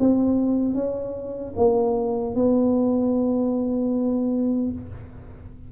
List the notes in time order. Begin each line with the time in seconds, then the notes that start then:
0.00 C4
0.75 C#4
1.57 A#3
2.35 B3